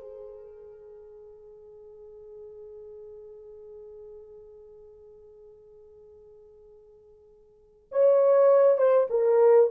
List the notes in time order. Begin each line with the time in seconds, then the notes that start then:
0.00 G#4
7.91 C#5
8.77 C5
9.09 A#4